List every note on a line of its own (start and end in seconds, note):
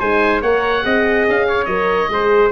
0.00 0.43 G#3
0.00 0.43 D#4
0.00 0.42 C5
0.00 0.42 G#5
0.42 0.85 A#3
0.42 0.83 A#4
0.42 0.84 C#5
0.42 1.26 F#5
0.83 1.27 C4
0.83 1.67 G#4
0.83 1.48 D#5
1.28 1.67 C#4
1.28 1.65 F5
1.48 2.11 C#5
1.65 2.09 F#3
1.65 2.10 A#4
1.65 2.49 D#5
2.09 2.51 G#3
2.09 2.52 G#4
2.09 2.52 C5